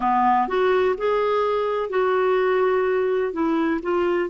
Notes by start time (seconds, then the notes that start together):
0.00 B3
0.48 F#4
0.97 G#4
1.89 F#4
3.32 E4
3.82 F4